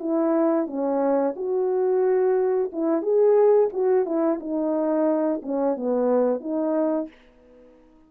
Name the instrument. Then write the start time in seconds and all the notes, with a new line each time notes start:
horn
0.00 E4
0.67 C#4
1.36 F#4
2.73 E4
3.02 G#4
3.73 F#4
4.06 E4
4.40 D#4
5.43 C#4
5.77 B3
6.41 D#4